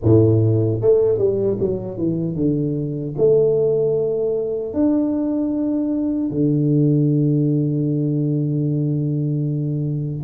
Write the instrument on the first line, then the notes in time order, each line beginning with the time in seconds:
tuba
0.03 A2
0.81 A3
1.18 G3
1.60 F#3
1.97 E3
2.35 D3
3.17 A3
4.73 D4
6.30 D3